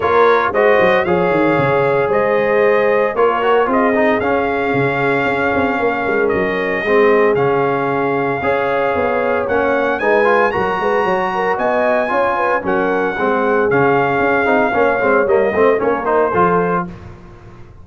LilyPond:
<<
  \new Staff \with { instrumentName = "trumpet" } { \time 4/4 \tempo 4 = 114 cis''4 dis''4 f''2 | dis''2 cis''4 dis''4 | f''1 | dis''2 f''2~ |
f''2 fis''4 gis''4 | ais''2 gis''2 | fis''2 f''2~ | f''4 dis''4 cis''8 c''4. | }
  \new Staff \with { instrumentName = "horn" } { \time 4/4 ais'4 c''4 cis''2 | c''2 ais'4 gis'4~ | gis'2. ais'4~ | ais'4 gis'2. |
cis''2. b'4 | ais'8 b'8 cis''8 ais'8 dis''4 cis''8 b'8 | ais'4 gis'2. | cis''4. c''8 ais'4 a'4 | }
  \new Staff \with { instrumentName = "trombone" } { \time 4/4 f'4 fis'4 gis'2~ | gis'2 f'8 fis'8 f'8 dis'8 | cis'1~ | cis'4 c'4 cis'2 |
gis'2 cis'4 dis'8 f'8 | fis'2. f'4 | cis'4 c'4 cis'4. dis'8 | cis'8 c'8 ais8 c'8 cis'8 dis'8 f'4 | }
  \new Staff \with { instrumentName = "tuba" } { \time 4/4 ais4 gis8 fis8 f8 dis8 cis4 | gis2 ais4 c'4 | cis'4 cis4 cis'8 c'8 ais8 gis8 | fis4 gis4 cis2 |
cis'4 b4 ais4 gis4 | fis8 gis8 fis4 b4 cis'4 | fis4 gis4 cis4 cis'8 c'8 | ais8 gis8 g8 a8 ais4 f4 | }
>>